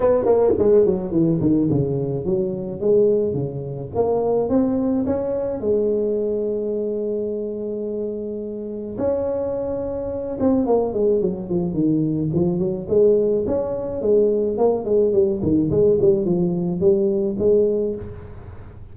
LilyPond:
\new Staff \with { instrumentName = "tuba" } { \time 4/4 \tempo 4 = 107 b8 ais8 gis8 fis8 e8 dis8 cis4 | fis4 gis4 cis4 ais4 | c'4 cis'4 gis2~ | gis1 |
cis'2~ cis'8 c'8 ais8 gis8 | fis8 f8 dis4 f8 fis8 gis4 | cis'4 gis4 ais8 gis8 g8 dis8 | gis8 g8 f4 g4 gis4 | }